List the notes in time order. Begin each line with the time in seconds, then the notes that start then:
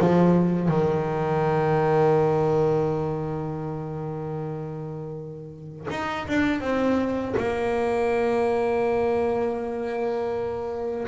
0.00 F3
0.69 D#3
5.91 D#4
6.28 D4
6.61 C4
7.37 A#3